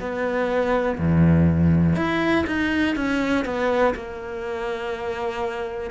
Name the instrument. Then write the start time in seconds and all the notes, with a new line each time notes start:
cello
0.00 B3
0.98 E2
1.96 E4
2.47 D#4
2.96 C#4
3.45 B3
3.95 A#3